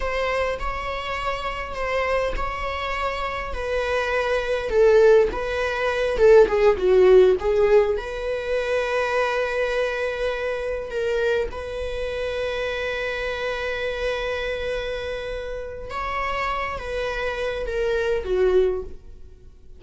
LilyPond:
\new Staff \with { instrumentName = "viola" } { \time 4/4 \tempo 4 = 102 c''4 cis''2 c''4 | cis''2 b'2 | a'4 b'4. a'8 gis'8 fis'8~ | fis'8 gis'4 b'2~ b'8~ |
b'2~ b'8 ais'4 b'8~ | b'1~ | b'2. cis''4~ | cis''8 b'4. ais'4 fis'4 | }